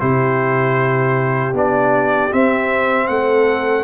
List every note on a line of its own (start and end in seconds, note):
0.00 1.54 C3
0.00 1.54 E4
0.00 3.08 G4
0.00 1.54 C5
1.54 2.31 B3
1.54 2.31 D4
1.54 2.33 D5
2.32 3.84 C4
2.32 3.09 C4
2.32 3.08 E5
3.08 3.84 A3
3.08 3.84 A4
3.08 3.84 F#5